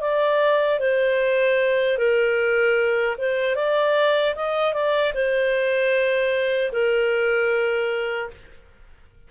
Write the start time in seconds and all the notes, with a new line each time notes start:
0.00 D5
0.79 C5
1.98 A#4
3.17 C5
3.55 D5
4.35 D#5
4.73 D5
5.14 C5
6.72 A#4